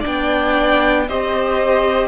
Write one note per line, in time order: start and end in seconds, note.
0.00 1.08 B3
0.00 1.06 D4
0.00 1.03 D5
0.00 1.09 G5
1.08 2.08 C4
1.08 2.08 G4
1.08 2.08 C5
1.08 2.08 D#5